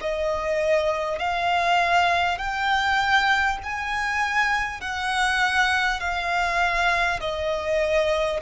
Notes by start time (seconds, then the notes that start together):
0.00 D#5
1.18 F5
2.37 G5
3.63 G#5
4.81 F#5
5.99 F5
7.20 D#5